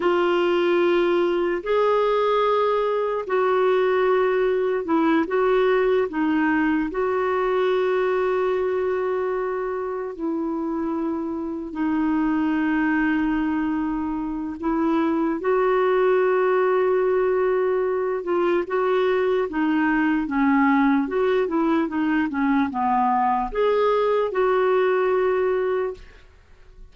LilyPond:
\new Staff \with { instrumentName = "clarinet" } { \time 4/4 \tempo 4 = 74 f'2 gis'2 | fis'2 e'8 fis'4 dis'8~ | dis'8 fis'2.~ fis'8~ | fis'8 e'2 dis'4.~ |
dis'2 e'4 fis'4~ | fis'2~ fis'8 f'8 fis'4 | dis'4 cis'4 fis'8 e'8 dis'8 cis'8 | b4 gis'4 fis'2 | }